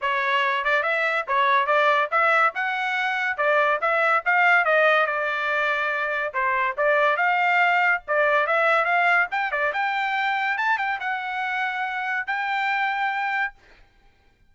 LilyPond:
\new Staff \with { instrumentName = "trumpet" } { \time 4/4 \tempo 4 = 142 cis''4. d''8 e''4 cis''4 | d''4 e''4 fis''2 | d''4 e''4 f''4 dis''4 | d''2. c''4 |
d''4 f''2 d''4 | e''4 f''4 g''8 d''8 g''4~ | g''4 a''8 g''8 fis''2~ | fis''4 g''2. | }